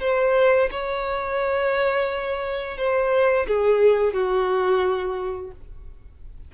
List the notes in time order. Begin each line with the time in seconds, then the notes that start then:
0.00 C5
0.71 C#5
2.77 C5
3.47 G#4
4.13 F#4